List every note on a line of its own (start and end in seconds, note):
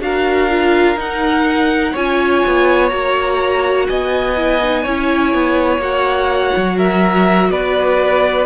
0.00 0.96 D4
0.00 0.49 F#4
0.00 1.93 A#4
0.00 0.99 F5
0.49 0.96 F4
0.96 1.93 D#4
0.96 1.96 F#5
1.93 2.44 C#4
1.93 2.90 F4
1.93 3.86 C#5
1.93 2.89 G#5
2.46 2.92 B3
2.89 3.89 A#3
2.89 4.35 F#4
2.89 3.86 A#5
3.88 4.86 B3
3.88 4.83 D#5
3.88 5.81 G#5
4.36 4.60 E4
4.62 4.86 D#4
4.83 5.33 C#4
4.83 5.80 E4
4.83 6.76 C#5
5.33 5.78 B3
5.78 6.50 A#3
5.78 8.46 F#4
5.78 6.78 F#5
6.56 7.49 F#3
6.77 7.50 A#4
6.77 7.51 E5
7.49 8.46 B3
7.49 8.46 B4
7.49 8.46 D5